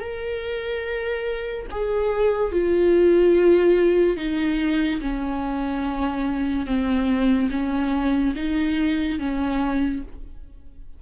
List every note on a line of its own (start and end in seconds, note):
0.00 1.67 A#4
1.71 2.52 G#4
2.52 4.17 F4
4.17 5.00 D#4
5.01 6.67 C#4
6.67 7.50 C4
7.51 8.34 C#4
8.36 9.19 D#4
9.19 10.02 C#4